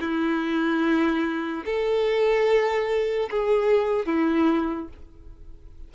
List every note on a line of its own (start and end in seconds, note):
0.00 1.64 E4
1.66 3.30 A4
3.31 4.06 G#4
4.06 4.89 E4